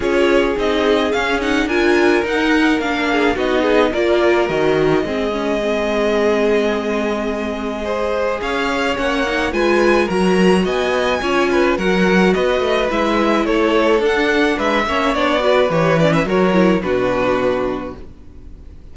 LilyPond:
<<
  \new Staff \with { instrumentName = "violin" } { \time 4/4 \tempo 4 = 107 cis''4 dis''4 f''8 fis''8 gis''4 | fis''4 f''4 dis''4 d''4 | dis''1~ | dis''2. f''4 |
fis''4 gis''4 ais''4 gis''4~ | gis''4 fis''4 dis''4 e''4 | cis''4 fis''4 e''4 d''4 | cis''8 d''16 e''16 cis''4 b'2 | }
  \new Staff \with { instrumentName = "violin" } { \time 4/4 gis'2. ais'4~ | ais'4. gis'8 fis'8 gis'8 ais'4~ | ais'4 gis'2.~ | gis'2 c''4 cis''4~ |
cis''4 b'4 ais'4 dis''4 | cis''8 b'8 ais'4 b'2 | a'2 b'8 cis''4 b'8~ | b'4 ais'4 fis'2 | }
  \new Staff \with { instrumentName = "viola" } { \time 4/4 f'4 dis'4 cis'8 dis'8 f'4 | dis'4 d'4 dis'4 f'4 | fis'4 c'8 cis'8 c'2~ | c'2 gis'2 |
cis'8 dis'8 f'4 fis'2 | f'4 fis'2 e'4~ | e'4 d'4. cis'8 d'8 fis'8 | g'8 cis'8 fis'8 e'8 d'2 | }
  \new Staff \with { instrumentName = "cello" } { \time 4/4 cis'4 c'4 cis'4 d'4 | dis'4 ais4 b4 ais4 | dis4 gis2.~ | gis2. cis'4 |
ais4 gis4 fis4 b4 | cis'4 fis4 b8 a8 gis4 | a4 d'4 gis8 ais8 b4 | e4 fis4 b,2 | }
>>